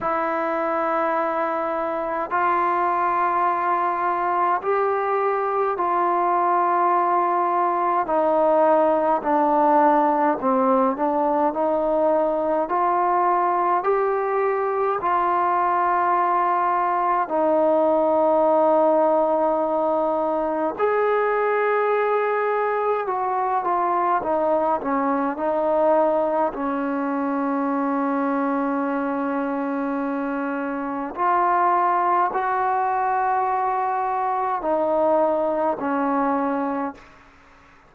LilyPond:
\new Staff \with { instrumentName = "trombone" } { \time 4/4 \tempo 4 = 52 e'2 f'2 | g'4 f'2 dis'4 | d'4 c'8 d'8 dis'4 f'4 | g'4 f'2 dis'4~ |
dis'2 gis'2 | fis'8 f'8 dis'8 cis'8 dis'4 cis'4~ | cis'2. f'4 | fis'2 dis'4 cis'4 | }